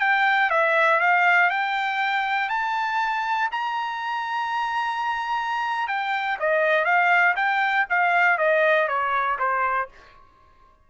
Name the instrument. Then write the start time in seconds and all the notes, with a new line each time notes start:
trumpet
0.00 G5
0.50 E5
1.00 F5
1.50 G5
2.49 A5
3.51 A#5
5.87 G5
6.39 D#5
6.85 F5
7.36 G5
7.90 F5
8.38 D#5
8.88 C#5
9.39 C5